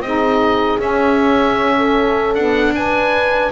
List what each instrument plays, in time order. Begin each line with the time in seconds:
0.00 double bass C4, saxophone D#4, horn G#4, oboe D#5
0.79 double bass C#4, saxophone C#4, oboe E5
1.77 horn A4
2.34 saxophone B3, double bass D4, oboe F#5
2.75 saxophone D4, horn B4, oboe G#5